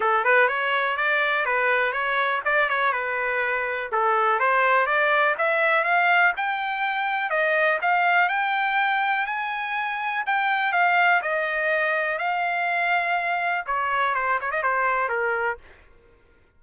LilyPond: \new Staff \with { instrumentName = "trumpet" } { \time 4/4 \tempo 4 = 123 a'8 b'8 cis''4 d''4 b'4 | cis''4 d''8 cis''8 b'2 | a'4 c''4 d''4 e''4 | f''4 g''2 dis''4 |
f''4 g''2 gis''4~ | gis''4 g''4 f''4 dis''4~ | dis''4 f''2. | cis''4 c''8 cis''16 dis''16 c''4 ais'4 | }